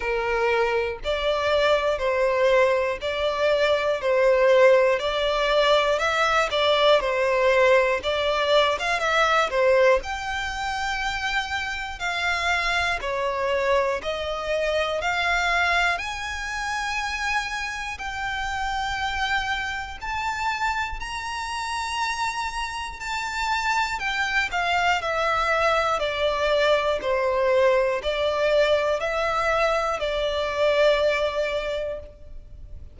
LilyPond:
\new Staff \with { instrumentName = "violin" } { \time 4/4 \tempo 4 = 60 ais'4 d''4 c''4 d''4 | c''4 d''4 e''8 d''8 c''4 | d''8. f''16 e''8 c''8 g''2 | f''4 cis''4 dis''4 f''4 |
gis''2 g''2 | a''4 ais''2 a''4 | g''8 f''8 e''4 d''4 c''4 | d''4 e''4 d''2 | }